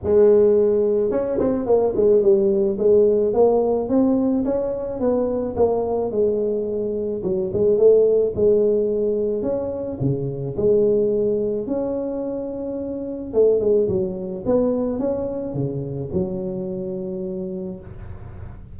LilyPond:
\new Staff \with { instrumentName = "tuba" } { \time 4/4 \tempo 4 = 108 gis2 cis'8 c'8 ais8 gis8 | g4 gis4 ais4 c'4 | cis'4 b4 ais4 gis4~ | gis4 fis8 gis8 a4 gis4~ |
gis4 cis'4 cis4 gis4~ | gis4 cis'2. | a8 gis8 fis4 b4 cis'4 | cis4 fis2. | }